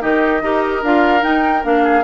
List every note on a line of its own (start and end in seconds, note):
0.00 0.42 D#3
0.00 0.41 D#4
0.00 0.42 G4
0.00 0.83 D#5
0.42 0.82 D#4
0.42 0.83 G4
0.42 1.84 A#4
0.83 1.23 D4
0.83 1.21 F4
0.83 1.23 F5
1.21 1.62 D#4
1.21 1.64 D#4
1.21 1.64 G5
1.63 2.04 A#3
1.63 2.04 D4
1.63 2.04 F5
1.84 2.04 G#4